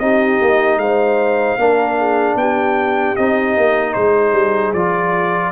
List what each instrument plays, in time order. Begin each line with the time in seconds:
0.00 tuba C4, trombone D#4, horn G4, trumpet D#5
0.41 tuba A#3
0.77 tuba G#3, horn C5, trumpet F5
1.58 tuba A#3, trombone D4, horn A#4
1.98 horn G#4
2.36 tuba B3, horn G4, trumpet G5
3.16 tuba C4, trombone D#4, trumpet D#5
3.57 tuba A#3
3.94 tuba G#3, horn G#4, trumpet C5
4.33 tuba G3
4.73 tuba F3, trombone F4, trumpet D5